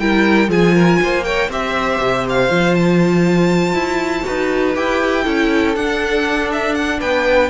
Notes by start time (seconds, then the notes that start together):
0.00 G3 E4 A#4 G5
0.48 F3 F4 G#4 G#5
0.75 A#4
1.02 A#3 C5
1.25 A#4 C#5 G5
1.49 C4 G4 C5 E5
2.01 C3
2.30 F5
2.50 F3 F4
2.75 A5
3.74 E4
4.23 D#4 F#4 B4
4.75 E4 G4 G5
5.24 C#4 E4 A4
5.76 D4 F#5
6.52 E5
6.75 F#5
7.00 B3 B4 G5